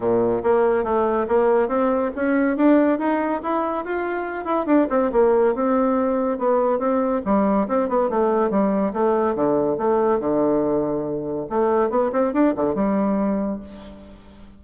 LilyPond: \new Staff \with { instrumentName = "bassoon" } { \time 4/4 \tempo 4 = 141 ais,4 ais4 a4 ais4 | c'4 cis'4 d'4 dis'4 | e'4 f'4. e'8 d'8 c'8 | ais4 c'2 b4 |
c'4 g4 c'8 b8 a4 | g4 a4 d4 a4 | d2. a4 | b8 c'8 d'8 d8 g2 | }